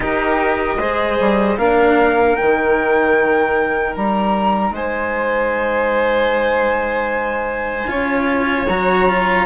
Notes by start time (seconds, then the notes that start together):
0.00 D#4 G4 A#4 D#5
0.78 G#3 G#4 C5
1.19 G3
1.57 A#3 D4 A#4 F5
2.34 D#3 D#4 G5
3.94 G3 A#5
4.71 G#3 C5 G#5
7.87 C#4 F4 C#5
8.67 F#3 F#4 A#5
9.08 F4